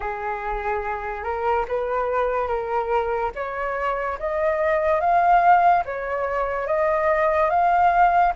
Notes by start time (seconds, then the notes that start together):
0.00 G#4
1.23 A#4
1.67 B4
2.47 A#4
3.35 C#5
4.19 D#5
5.00 F5
5.85 C#5
6.67 D#5
7.50 F5